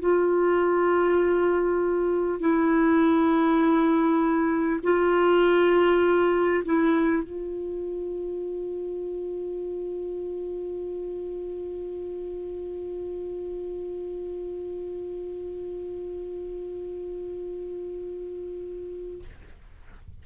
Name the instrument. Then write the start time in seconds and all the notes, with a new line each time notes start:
clarinet
0.00 F4
2.40 E4
4.83 F4
6.65 E4
7.23 F4